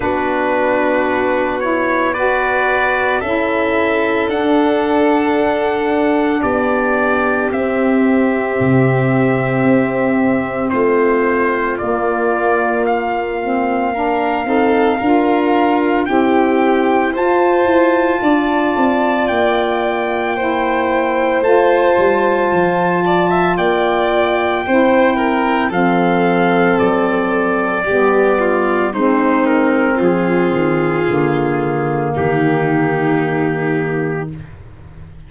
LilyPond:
<<
  \new Staff \with { instrumentName = "trumpet" } { \time 4/4 \tempo 4 = 56 b'4. cis''8 d''4 e''4 | fis''2 d''4 e''4~ | e''2 c''4 d''4 | f''2. g''4 |
a''2 g''2 | a''2 g''2 | f''4 d''2 c''8 ais'8 | gis'2 g'2 | }
  \new Staff \with { instrumentName = "violin" } { \time 4/4 fis'2 b'4 a'4~ | a'2 g'2~ | g'2 f'2~ | f'4 ais'8 a'8 ais'4 g'4 |
c''4 d''2 c''4~ | c''4. d''16 e''16 d''4 c''8 ais'8 | a'2 g'8 f'8 dis'4 | f'2 dis'2 | }
  \new Staff \with { instrumentName = "saxophone" } { \time 4/4 d'4. e'8 fis'4 e'4 | d'2. c'4~ | c'2. ais4~ | ais8 c'8 d'8 dis'8 f'4 c'4 |
f'2. e'4 | f'2. e'4 | c'2 b4 c'4~ | c'4 ais2. | }
  \new Staff \with { instrumentName = "tuba" } { \time 4/4 b2. cis'4 | d'2 b4 c'4 | c4 c'4 a4 ais4~ | ais4. c'8 d'4 e'4 |
f'8 e'8 d'8 c'8 ais2 | a8 g8 f4 ais4 c'4 | f4 fis4 g4 gis4 | f8 dis8 d4 dis2 | }
>>